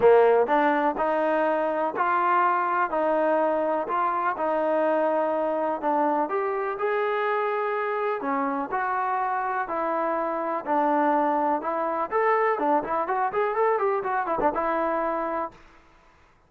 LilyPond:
\new Staff \with { instrumentName = "trombone" } { \time 4/4 \tempo 4 = 124 ais4 d'4 dis'2 | f'2 dis'2 | f'4 dis'2. | d'4 g'4 gis'2~ |
gis'4 cis'4 fis'2 | e'2 d'2 | e'4 a'4 d'8 e'8 fis'8 gis'8 | a'8 g'8 fis'8 e'16 d'16 e'2 | }